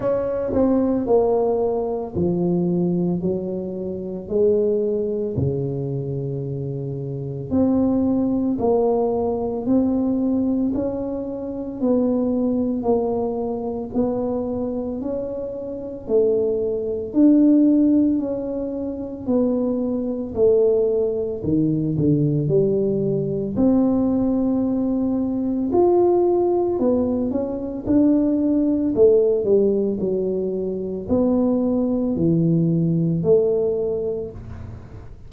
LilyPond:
\new Staff \with { instrumentName = "tuba" } { \time 4/4 \tempo 4 = 56 cis'8 c'8 ais4 f4 fis4 | gis4 cis2 c'4 | ais4 c'4 cis'4 b4 | ais4 b4 cis'4 a4 |
d'4 cis'4 b4 a4 | dis8 d8 g4 c'2 | f'4 b8 cis'8 d'4 a8 g8 | fis4 b4 e4 a4 | }